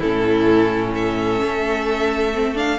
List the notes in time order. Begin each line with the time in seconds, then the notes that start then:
0.00 A2 C#4 E4 A4
0.94 A4 E5
1.42 A3
2.34 C4
2.55 D4 F5